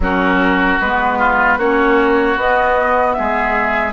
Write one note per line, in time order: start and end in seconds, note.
0.00 0.77 F#3
0.00 0.81 C#4
0.00 1.18 F#4
0.00 0.80 A#4
0.80 1.57 G#3
0.80 1.59 B3
0.80 1.59 B4
1.18 1.57 F4
1.57 2.36 A#3
1.57 2.36 C#4
1.57 3.15 F#4
1.57 2.38 C#5
2.36 3.15 B3
2.36 3.92 B3
2.36 3.13 D#5
3.13 3.92 G#4
3.13 3.92 E5
3.19 3.92 G#3